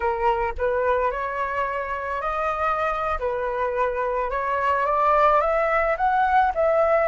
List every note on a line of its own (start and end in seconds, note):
0.00 0.53 A#4
0.57 1.11 B4
1.11 2.21 C#5
2.21 3.18 D#5
3.19 4.30 B4
4.30 4.86 C#5
4.86 5.40 D5
5.40 5.96 E5
5.97 6.52 F#5
6.54 7.07 E5